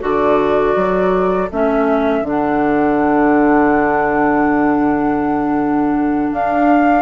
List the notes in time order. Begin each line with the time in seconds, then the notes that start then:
0.00 D3 F#4 A4 D5
0.75 F#3
1.51 A3 C#4 E5
2.21 D3 D4 F#5
6.32 D4 F5